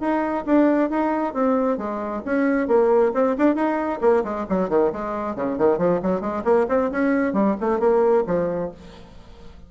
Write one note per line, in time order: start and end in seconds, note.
0.00 0.44 D#4
0.46 0.90 D4
0.90 1.34 D#4
1.34 1.78 C4
1.78 2.22 G#3
2.25 2.67 C#4
2.67 3.12 A#3
3.14 3.36 C4
3.38 3.55 D4
3.55 4.00 D#4
4.01 4.24 A#3
4.24 4.46 G#3
4.49 4.69 F#3
4.69 4.92 D#3
4.92 5.36 G#3
5.36 5.58 C#3
5.58 5.78 D#3
5.78 6.00 F3
6.02 6.21 F#3
6.21 6.43 G#3
6.44 6.67 A#3
6.69 6.91 C4
6.91 7.33 C#4
7.33 7.56 G3
7.60 7.80 A3
7.80 8.24 A#3
8.27 8.71 F3